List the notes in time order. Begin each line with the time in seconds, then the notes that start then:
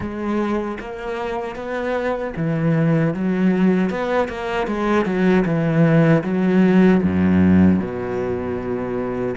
0.00 G#3
0.80 A#3
1.55 B3
2.36 E3
3.14 F#3
3.90 B3
4.28 A#3
4.67 G#3
5.05 F#3
5.45 E3
6.23 F#3
7.03 F#2
7.79 B2